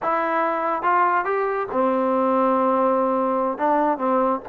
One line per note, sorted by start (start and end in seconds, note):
0.02 0.82 E4
0.82 1.24 F4
1.25 1.67 G4
1.71 3.58 C4
3.58 3.98 D4
3.98 4.40 C4